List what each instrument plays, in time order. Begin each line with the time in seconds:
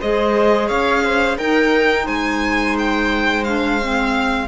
0.00 cello G#3, clarinet G#4, viola C5, violin D#5
0.68 cello C#4, viola C#5, violin F5
1.04 viola C5
1.38 cello D#4, clarinet D#4, viola A#4, violin G5
2.05 cello G#3, viola C5, violin G#5
2.78 violin G5
3.44 clarinet D4, violin F5
3.81 clarinet C4